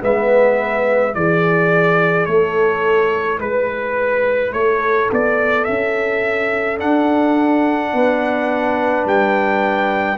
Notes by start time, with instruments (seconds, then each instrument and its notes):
0.00 tuba G#3, trombone B3, horn B4, trumpet E5
1.11 tuba E3, trombone E4, horn G#4, trumpet D5
2.25 tuba A3, horn A4, trumpet C#5
3.39 tuba G#3, horn B4, trumpet B4
4.53 tuba A3, horn A4, trumpet C#5
5.12 tuba B3, trumpet D5
5.64 tuba C#4, trumpet E5
6.77 trombone D4, tuba D4, trumpet F#5
7.93 tuba B3, horn B4
9.05 tuba G3, trumpet G5